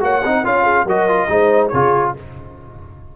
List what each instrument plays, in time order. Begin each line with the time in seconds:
0.00 tuba A#3, trombone F#4, horn C#5, trumpet F#5
0.23 tuba C4, trombone D#4, horn D#5
0.44 tuba C#4, trombone F4, horn C#5, trumpet F5
0.63 horn G#4
0.84 tuba F#3, trombone F#4, horn A#4, trumpet D#5
1.09 trombone F4
1.28 tuba G#3, trombone D#4, horn C5
1.68 tuba C#3, trombone F4, horn G#4, trumpet C#5